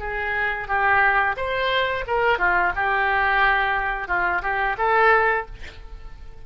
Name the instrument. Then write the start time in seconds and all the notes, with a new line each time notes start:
oboe
0.00 G#4
0.68 G4
1.37 C5
2.07 A#4
2.39 F4
2.76 G4
4.08 F4
4.43 G4
4.78 A4